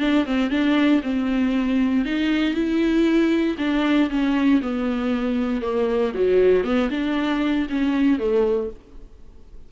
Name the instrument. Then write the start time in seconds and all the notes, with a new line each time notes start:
viola
0.00 D4
0.26 C4
0.51 D4
1.03 C4
2.05 D#4
2.54 E4
3.59 D4
4.10 C#4
4.62 B3
5.62 A#3
6.15 F#3
6.64 B3
6.91 D4
7.70 C#4
8.19 A3